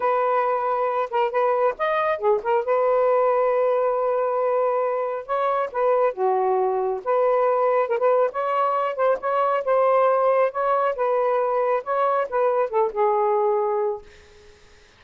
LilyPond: \new Staff \with { instrumentName = "saxophone" } { \time 4/4 \tempo 4 = 137 b'2~ b'8 ais'8 b'4 | dis''4 gis'8 ais'8 b'2~ | b'1 | cis''4 b'4 fis'2 |
b'2 ais'16 b'8. cis''4~ | cis''8 c''8 cis''4 c''2 | cis''4 b'2 cis''4 | b'4 a'8 gis'2~ gis'8 | }